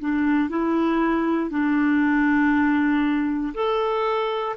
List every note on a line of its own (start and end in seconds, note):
0.00 0.49 D4
0.49 1.50 E4
1.50 3.54 D4
3.54 4.56 A4